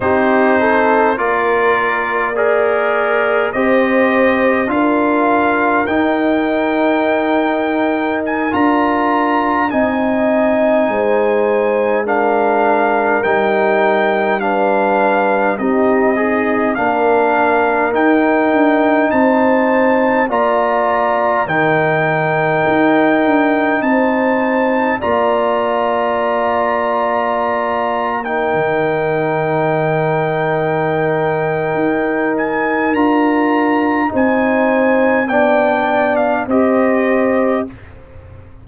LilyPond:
<<
  \new Staff \with { instrumentName = "trumpet" } { \time 4/4 \tempo 4 = 51 c''4 d''4 ais'4 dis''4 | f''4 g''2 gis''16 ais''8.~ | ais''16 gis''2 f''4 g''8.~ | g''16 f''4 dis''4 f''4 g''8.~ |
g''16 a''4 ais''4 g''4.~ g''16~ | g''16 a''4 ais''2~ ais''8. | g''2.~ g''8 gis''8 | ais''4 gis''4 g''8. f''16 dis''4 | }
  \new Staff \with { instrumentName = "horn" } { \time 4/4 g'8 a'8 ais'4 d''4 c''4 | ais'1~ | ais'16 dis''4 c''4 ais'4.~ ais'16~ | ais'16 b'4 g'8 dis'8 ais'4.~ ais'16~ |
ais'16 c''4 d''4 ais'4.~ ais'16~ | ais'16 c''4 d''2~ d''8. | ais'1~ | ais'4 c''4 d''4 c''4 | }
  \new Staff \with { instrumentName = "trombone" } { \time 4/4 dis'4 f'4 gis'4 g'4 | f'4 dis'2~ dis'16 f'8.~ | f'16 dis'2 d'4 dis'8.~ | dis'16 d'4 dis'8 gis'8 d'4 dis'8.~ |
dis'4~ dis'16 f'4 dis'4.~ dis'16~ | dis'4~ dis'16 f'2~ f'8. | dis'1 | f'4 dis'4 d'4 g'4 | }
  \new Staff \with { instrumentName = "tuba" } { \time 4/4 c'4 ais2 c'4 | d'4 dis'2~ dis'16 d'8.~ | d'16 c'4 gis2 g8.~ | g4~ g16 c'4 ais4 dis'8 d'16~ |
d'16 c'4 ais4 dis4 dis'8 d'16~ | d'16 c'4 ais2~ ais8.~ | ais16 dis2~ dis8. dis'4 | d'4 c'4 b4 c'4 | }
>>